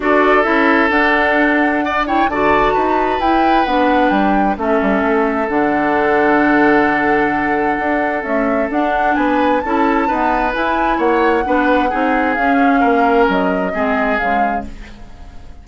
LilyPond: <<
  \new Staff \with { instrumentName = "flute" } { \time 4/4 \tempo 4 = 131 d''4 e''4 fis''2~ | fis''8 g''8 a''2 g''4 | fis''4 g''4 e''2 | fis''1~ |
fis''2 e''4 fis''4 | gis''4 a''2 gis''4 | fis''2. f''4~ | f''4 dis''2 f''4 | }
  \new Staff \with { instrumentName = "oboe" } { \time 4/4 a'1 | d''8 cis''8 d''4 b'2~ | b'2 a'2~ | a'1~ |
a'1 | b'4 a'4 b'2 | cis''4 b'4 gis'2 | ais'2 gis'2 | }
  \new Staff \with { instrumentName = "clarinet" } { \time 4/4 fis'4 e'4 d'2~ | d'8 e'8 fis'2 e'4 | d'2 cis'2 | d'1~ |
d'2 a4 d'4~ | d'4 e'4 b4 e'4~ | e'4 d'4 dis'4 cis'4~ | cis'2 c'4 gis4 | }
  \new Staff \with { instrumentName = "bassoon" } { \time 4/4 d'4 cis'4 d'2~ | d'4 d4 dis'4 e'4 | b4 g4 a8 g8 a4 | d1~ |
d4 d'4 cis'4 d'4 | b4 cis'4 dis'4 e'4 | ais4 b4 c'4 cis'4 | ais4 fis4 gis4 cis4 | }
>>